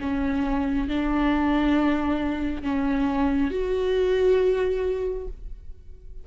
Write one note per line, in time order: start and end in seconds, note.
0.00 0.88 C#4
0.88 2.62 D4
2.62 3.51 C#4
3.51 5.27 F#4